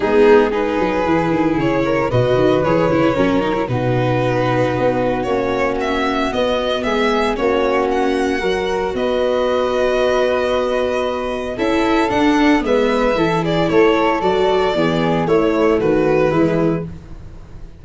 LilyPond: <<
  \new Staff \with { instrumentName = "violin" } { \time 4/4 \tempo 4 = 114 gis'4 b'2 cis''4 | dis''4 cis''2 b'4~ | b'2 cis''4 e''4 | dis''4 e''4 cis''4 fis''4~ |
fis''4 dis''2.~ | dis''2 e''4 fis''4 | e''4. d''8 cis''4 d''4~ | d''4 cis''4 b'2 | }
  \new Staff \with { instrumentName = "flute" } { \time 4/4 dis'4 gis'2~ gis'8 ais'8 | b'2 ais'4 fis'4~ | fis'1~ | fis'4 gis'4 fis'2 |
ais'4 b'2.~ | b'2 a'2 | b'4 a'8 gis'8 a'2 | gis'4 e'4 fis'4 e'4 | }
  \new Staff \with { instrumentName = "viola" } { \time 4/4 b4 dis'4 e'2 | fis'4 gis'8 e'8 cis'8 dis'16 e'16 dis'4~ | dis'2 cis'2 | b2 cis'2 |
fis'1~ | fis'2 e'4 d'4 | b4 e'2 fis'4 | b4 a2 gis4 | }
  \new Staff \with { instrumentName = "tuba" } { \time 4/4 gis4. fis8 e8 dis8 cis4 | b,8 dis8 e8 cis8 fis4 b,4~ | b,4 b4 ais2 | b4 gis4 ais2 |
fis4 b2.~ | b2 cis'4 d'4 | gis4 e4 a4 fis4 | e4 a4 dis4 e4 | }
>>